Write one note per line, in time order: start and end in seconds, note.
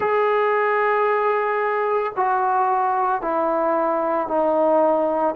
0.00 2.12 G#4
2.16 3.21 F#4
3.21 4.27 E4
4.27 5.34 D#4